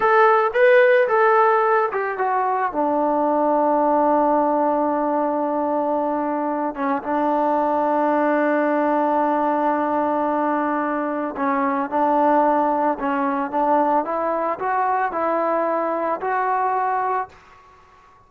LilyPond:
\new Staff \with { instrumentName = "trombone" } { \time 4/4 \tempo 4 = 111 a'4 b'4 a'4. g'8 | fis'4 d'2.~ | d'1~ | d'8 cis'8 d'2.~ |
d'1~ | d'4 cis'4 d'2 | cis'4 d'4 e'4 fis'4 | e'2 fis'2 | }